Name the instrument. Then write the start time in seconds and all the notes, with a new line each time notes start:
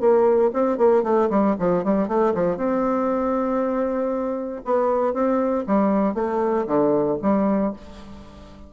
bassoon
0.00 A#3
0.53 C4
0.77 A#3
1.03 A3
1.30 G3
1.59 F3
1.84 G3
2.08 A3
2.34 F3
2.57 C4
4.65 B3
5.14 C4
5.66 G3
6.14 A3
6.67 D3
7.22 G3